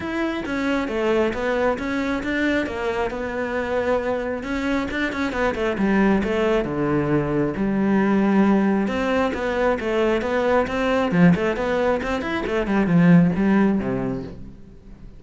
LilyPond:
\new Staff \with { instrumentName = "cello" } { \time 4/4 \tempo 4 = 135 e'4 cis'4 a4 b4 | cis'4 d'4 ais4 b4~ | b2 cis'4 d'8 cis'8 | b8 a8 g4 a4 d4~ |
d4 g2. | c'4 b4 a4 b4 | c'4 f8 a8 b4 c'8 e'8 | a8 g8 f4 g4 c4 | }